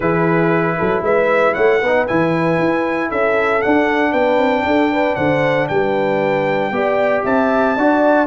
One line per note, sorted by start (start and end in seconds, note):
0.00 0.77 E3
0.00 1.82 E4
0.00 0.76 G#4
0.00 1.03 B4
0.78 1.01 F#3
0.78 1.03 A4
1.01 1.53 G#3
1.01 1.53 B4
1.01 1.54 E5
1.53 1.82 A3
1.53 1.79 C#5
1.53 2.05 F#5
1.80 2.08 B3
1.80 2.08 D#4
1.80 3.09 B4
2.07 2.59 E3
2.07 3.62 E4
2.07 3.10 G#5
2.59 3.10 E4
3.09 3.63 C#4
3.09 4.11 A4
3.09 3.61 E5
3.61 6.72 D4
3.61 4.13 D4
3.61 4.12 F#5
4.11 4.37 B3
4.11 4.63 B4
4.11 5.15 G5
4.37 4.63 C4
4.64 5.15 D4
4.64 4.92 A4
4.92 5.16 B4
5.15 5.68 D3
5.15 5.68 C5
5.15 5.66 F#5
5.68 6.71 G3
5.68 6.72 B4
5.68 7.23 G5
6.71 7.23 B3
6.71 7.76 G4
6.71 7.24 D5
7.24 7.77 C4
7.24 7.76 E5
7.24 8.26 A5
7.76 8.26 D4
7.76 8.26 F#4
7.76 8.26 D5